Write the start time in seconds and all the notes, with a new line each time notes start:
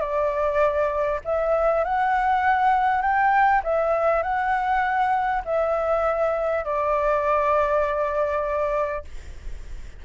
0.00 D5
1.24 E5
1.84 F#5
3.01 G5
3.64 E5
4.22 F#5
5.45 E5
6.64 D5